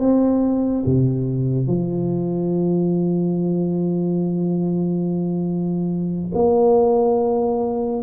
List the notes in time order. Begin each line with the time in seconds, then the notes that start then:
0.00 C4
0.86 C3
1.67 F3
6.35 A#3